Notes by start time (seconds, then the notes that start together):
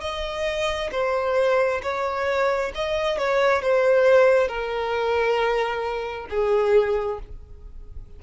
0.00 D#5
0.91 C5
1.82 C#5
2.74 D#5
3.18 C#5
3.61 C5
4.47 A#4
6.29 G#4